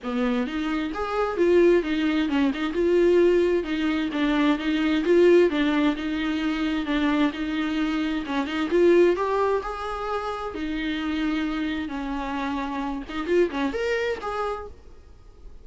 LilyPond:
\new Staff \with { instrumentName = "viola" } { \time 4/4 \tempo 4 = 131 b4 dis'4 gis'4 f'4 | dis'4 cis'8 dis'8 f'2 | dis'4 d'4 dis'4 f'4 | d'4 dis'2 d'4 |
dis'2 cis'8 dis'8 f'4 | g'4 gis'2 dis'4~ | dis'2 cis'2~ | cis'8 dis'8 f'8 cis'8 ais'4 gis'4 | }